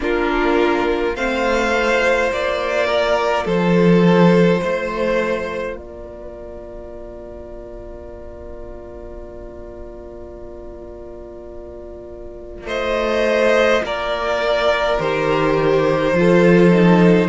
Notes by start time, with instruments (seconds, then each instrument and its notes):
0.00 cello A#3, viola D4, violin F4 A#4
1.15 cello A3, viola C4, violin C5 F5
1.73 viola F4
2.32 cello A#3, violin D5
2.86 violin A#4
3.45 cello F3, violin A4 C5
4.61 cello A3, violin C5
5.76 cello A#3, violin A#4 D5
12.66 cello A3, violin C5 D#5
13.83 cello A#3, violin A#4 D5
14.98 cello D#3, viola G4, violin C5
16.13 cello F3, viola F4
16.19 violin A4
16.71 viola D#4